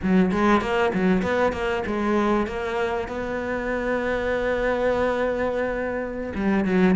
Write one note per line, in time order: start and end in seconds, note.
0.03 0.31 F#3
0.31 0.61 G#3
0.61 0.92 A#3
0.93 1.22 F#3
1.22 1.52 B3
1.52 1.83 A#3
1.86 2.46 G#3
2.46 3.08 A#3
3.08 6.32 B3
6.35 6.64 G3
6.64 6.95 F#3